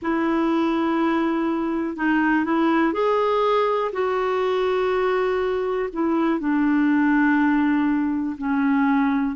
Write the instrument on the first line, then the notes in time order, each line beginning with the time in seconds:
clarinet
0.01 E4
1.96 D#4
2.45 E4
2.92 G#4
3.92 F#4
5.92 E4
6.39 D4
8.37 C#4